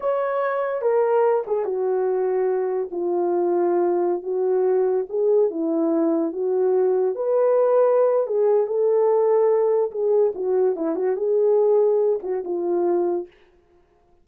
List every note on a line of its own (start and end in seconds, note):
0.00 0.81 C#5
0.81 1.43 A#4
1.46 1.65 G#4
1.65 2.89 F#4
2.91 4.22 F4
4.22 5.05 F#4
5.09 5.50 G#4
5.50 6.32 E4
6.32 7.15 F#4
7.15 8.26 B4
8.26 8.66 G#4
8.66 9.90 A4
9.91 10.32 G#4
10.34 10.75 F#4
10.75 10.95 E4
10.95 11.16 F#4
11.16 12.19 G#4
12.23 12.43 F#4
12.44 13.27 F4